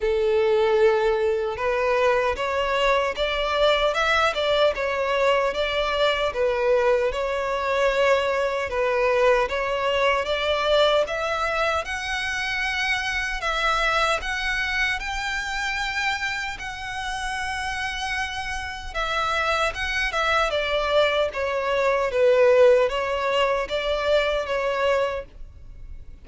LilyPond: \new Staff \with { instrumentName = "violin" } { \time 4/4 \tempo 4 = 76 a'2 b'4 cis''4 | d''4 e''8 d''8 cis''4 d''4 | b'4 cis''2 b'4 | cis''4 d''4 e''4 fis''4~ |
fis''4 e''4 fis''4 g''4~ | g''4 fis''2. | e''4 fis''8 e''8 d''4 cis''4 | b'4 cis''4 d''4 cis''4 | }